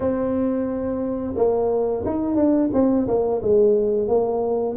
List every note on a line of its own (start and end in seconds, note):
0.00 1.34 C4
1.36 2.04 A#3
2.05 2.35 D#4
2.35 2.69 D4
2.73 3.07 C4
3.07 3.41 A#3
3.42 4.08 G#3
4.08 4.76 A#3